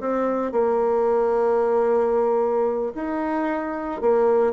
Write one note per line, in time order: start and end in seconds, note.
0.00 0.52 C4
0.52 2.93 A#3
2.95 4.01 D#4
4.01 4.53 A#3